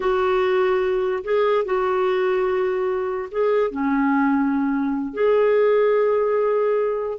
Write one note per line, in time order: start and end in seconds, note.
0.00 1.23 F#4
1.24 1.65 G#4
1.65 3.29 F#4
3.31 3.71 G#4
3.71 5.13 C#4
5.13 7.18 G#4